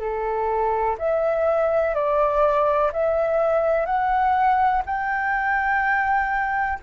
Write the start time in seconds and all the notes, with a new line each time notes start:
0.00 A4
0.99 E5
1.95 D5
2.93 E5
3.86 F#5
4.86 G5